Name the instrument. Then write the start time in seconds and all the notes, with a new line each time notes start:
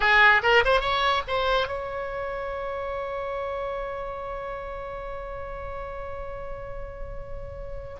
oboe
0.00 G#4
0.42 A#4
0.65 C5
0.80 C#5
1.27 C5
1.67 C#5